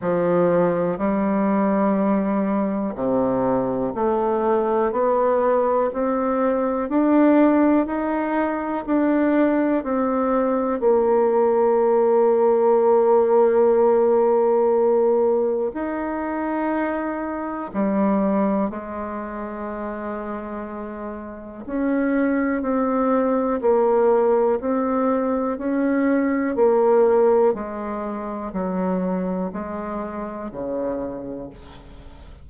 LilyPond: \new Staff \with { instrumentName = "bassoon" } { \time 4/4 \tempo 4 = 61 f4 g2 c4 | a4 b4 c'4 d'4 | dis'4 d'4 c'4 ais4~ | ais1 |
dis'2 g4 gis4~ | gis2 cis'4 c'4 | ais4 c'4 cis'4 ais4 | gis4 fis4 gis4 cis4 | }